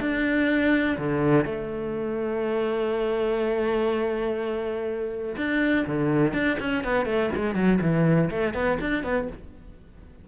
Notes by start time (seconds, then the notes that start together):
0.00 D4
0.98 D3
1.45 A3
5.37 D4
5.87 D3
6.33 D4
6.60 C#4
6.84 B3
7.06 A3
7.36 G#3
7.55 F#3
7.81 E3
8.30 A3
8.54 B3
8.80 D4
9.04 B3